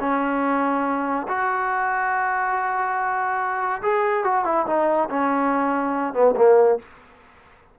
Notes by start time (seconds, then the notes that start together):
0.00 C#4
1.28 F#4
3.82 G#4
4.24 F#4
4.45 E4
4.67 D#4
5.10 C#4
6.14 B3
6.36 A#3